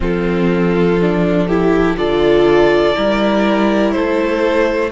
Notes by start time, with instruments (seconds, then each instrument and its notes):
0.00 cello F3, viola C4, violin F4 A4
1.01 viola D4
1.47 viola E4, violin G4
1.95 cello D3, viola F4, violin A4 D5
2.94 cello G3, viola E4, violin A#4
3.91 cello A3, violin A4 C5